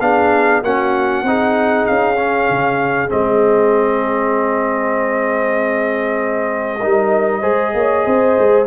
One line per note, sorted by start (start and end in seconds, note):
0.00 0.62 B3
0.00 0.63 D4
0.00 0.62 G#4
0.00 0.62 F5
0.62 1.23 A#3
0.62 1.25 C#4
0.62 1.24 F#4
0.62 1.86 F#5
1.23 1.85 C4
1.23 2.16 D#4
1.23 6.78 G#4
1.86 2.50 C#4
1.86 3.09 F5
2.16 3.08 C#4
2.50 3.11 C#3
3.08 6.83 G#3
3.08 6.79 C4
3.08 8.66 D#5
6.78 7.43 G3
6.78 7.42 D#4
6.78 7.40 A#4
7.40 7.74 G#3
7.40 8.65 G#4
7.40 7.71 C5
7.74 8.05 A#3
7.74 8.05 C#5
8.05 8.37 C4
8.05 8.66 C5
8.38 8.66 G#3